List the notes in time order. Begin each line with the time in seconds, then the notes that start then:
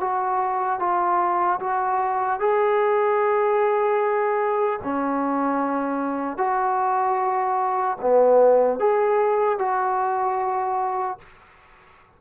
0.00 F#4
0.79 F4
1.60 F#4
2.40 G#4
4.83 C#4
6.37 F#4
8.01 B3
8.79 G#4
9.59 F#4